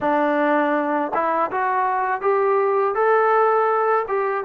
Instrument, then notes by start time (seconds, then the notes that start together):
trombone
0.00 D4
1.13 E4
1.51 F#4
2.21 G4
2.95 A4
4.07 G4